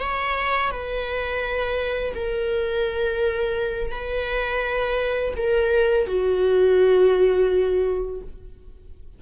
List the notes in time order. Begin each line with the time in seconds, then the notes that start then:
0.00 C#5
0.71 B4
2.15 A#4
3.92 B4
5.37 A#4
6.07 F#4